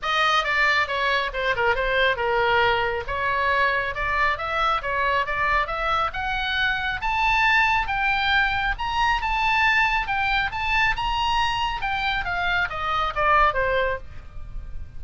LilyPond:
\new Staff \with { instrumentName = "oboe" } { \time 4/4 \tempo 4 = 137 dis''4 d''4 cis''4 c''8 ais'8 | c''4 ais'2 cis''4~ | cis''4 d''4 e''4 cis''4 | d''4 e''4 fis''2 |
a''2 g''2 | ais''4 a''2 g''4 | a''4 ais''2 g''4 | f''4 dis''4 d''4 c''4 | }